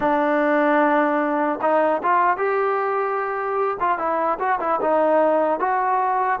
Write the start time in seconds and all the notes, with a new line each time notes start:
0.00 D4
1.61 D#4
2.02 F4
2.37 G4
3.80 F4
3.98 E4
4.39 F#4
4.60 E4
4.81 D#4
5.59 F#4